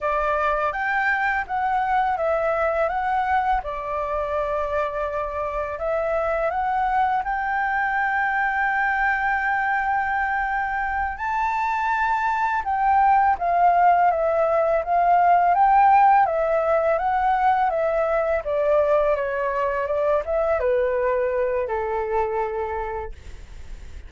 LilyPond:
\new Staff \with { instrumentName = "flute" } { \time 4/4 \tempo 4 = 83 d''4 g''4 fis''4 e''4 | fis''4 d''2. | e''4 fis''4 g''2~ | g''2.~ g''8 a''8~ |
a''4. g''4 f''4 e''8~ | e''8 f''4 g''4 e''4 fis''8~ | fis''8 e''4 d''4 cis''4 d''8 | e''8 b'4. a'2 | }